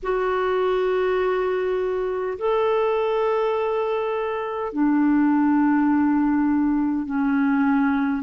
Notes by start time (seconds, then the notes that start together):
0.03 F#4
2.38 A4
4.72 D4
7.05 C#4